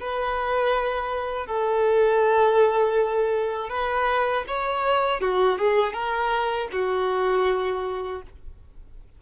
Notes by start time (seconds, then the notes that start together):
0.00 B4
1.46 A4
3.70 B4
4.47 C#5
5.21 F#4
5.58 G#4
5.93 A#4
6.72 F#4